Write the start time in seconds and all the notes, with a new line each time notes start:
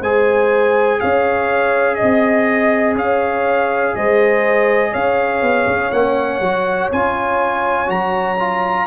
0.00 G#3 G#4 C5 G#5
1.00 C#4 C#5 F5
1.95 D#5
2.02 C4
2.95 C#4 C#5 F5
3.95 G#3 C5 D#5
4.91 C#4 C#5 F5
5.42 B3
5.67 C#4
5.91 A#3 C#4 F#5
6.40 F#3 F#4
6.92 C#4 F4 G#5
7.86 F#3 F#4 A#5
8.39 F4